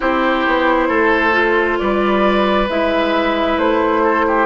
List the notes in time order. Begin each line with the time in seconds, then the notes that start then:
0.00 C4 E4 G4 C5
0.46 B3
0.88 A3 A4
1.32 F4
1.78 G3 B4 D5
2.69 G#3 E4 E5
3.57 A3 C5
4.03 A4
4.27 G4